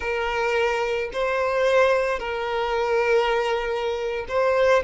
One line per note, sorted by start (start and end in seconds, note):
0.00 1.10 A#4
1.12 2.19 C5
2.19 4.25 A#4
4.28 4.83 C5